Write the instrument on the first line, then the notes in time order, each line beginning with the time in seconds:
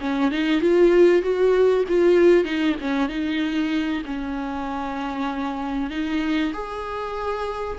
viola
0.00 C#4
0.31 D#4
0.61 F4
1.22 F#4
1.88 F4
2.44 D#4
2.81 C#4
3.09 D#4
4.05 C#4
5.90 D#4
6.53 G#4